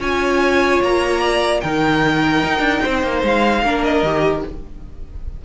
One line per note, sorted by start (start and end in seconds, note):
0.00 0.81 C#4
0.00 1.62 F4
0.00 1.21 C#5
0.00 0.82 G#5
0.82 1.62 A#3
0.82 1.61 A#5
1.21 1.61 D5
1.61 2.44 D#3
1.61 3.65 D#4
1.61 2.83 A#4
1.61 3.22 G5
2.44 2.60 D#4
2.60 2.80 D4
2.83 3.03 C4
2.83 3.64 C5
3.03 3.23 A#3
3.23 3.63 G#3
3.23 3.84 F5
3.63 4.03 A#3
3.63 4.05 D4
3.63 4.45 A#4
3.84 4.44 D#5
4.03 4.43 D#3
4.03 4.45 G4